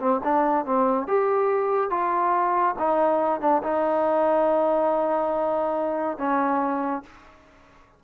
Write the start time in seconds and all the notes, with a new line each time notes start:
0.00 C4
0.24 D4
0.66 C4
1.08 G4
1.91 F4
2.79 D#4
3.41 D4
3.63 D#4
6.18 C#4